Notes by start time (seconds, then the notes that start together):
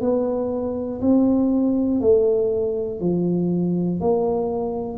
0.00 B3
1.00 C4
2.00 A3
3.00 F3
4.00 A#3